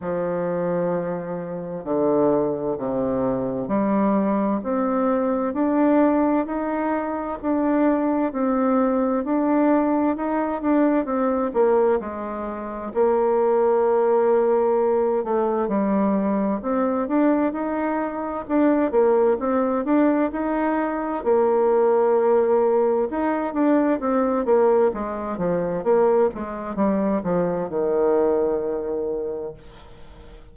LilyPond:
\new Staff \with { instrumentName = "bassoon" } { \time 4/4 \tempo 4 = 65 f2 d4 c4 | g4 c'4 d'4 dis'4 | d'4 c'4 d'4 dis'8 d'8 | c'8 ais8 gis4 ais2~ |
ais8 a8 g4 c'8 d'8 dis'4 | d'8 ais8 c'8 d'8 dis'4 ais4~ | ais4 dis'8 d'8 c'8 ais8 gis8 f8 | ais8 gis8 g8 f8 dis2 | }